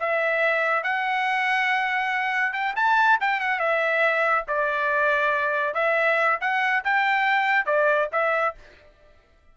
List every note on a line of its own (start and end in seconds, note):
0.00 0.84 E5
0.84 2.53 F#5
2.53 2.74 G5
2.76 3.19 A5
3.21 3.41 G5
3.41 3.60 F#5
3.60 4.45 E5
4.48 5.74 D5
5.74 6.39 E5
6.41 6.84 F#5
6.85 7.66 G5
7.66 8.09 D5
8.13 8.55 E5